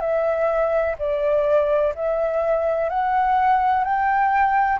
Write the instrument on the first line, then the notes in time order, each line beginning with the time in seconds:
flute
0.00 E5
0.98 D5
1.95 E5
2.89 F#5
3.84 G5